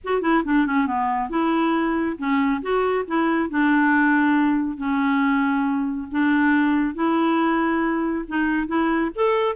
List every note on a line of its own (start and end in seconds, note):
0.04 0.21 F#4
0.21 0.43 E4
0.44 0.66 D4
0.66 0.87 C#4
0.87 1.29 B3
1.29 2.16 E4
2.17 2.61 C#4
2.61 3.05 F#4
3.07 3.49 E4
3.49 4.77 D4
4.77 6.08 C#4
6.11 6.94 D4
6.94 8.25 E4
8.28 8.67 D#4
8.67 9.10 E4
9.15 9.56 A4